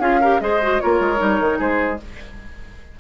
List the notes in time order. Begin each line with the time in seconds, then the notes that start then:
0.00 C#4 F4 G#4 F5
0.21 G4 A#4
0.41 G#3 G#4 C5 D#5
0.63 F#4
0.81 A#3 F4 A#4 C#5
1.01 G#3
1.18 G3 D#4
1.40 D#3
1.59 G#3 G#4 C5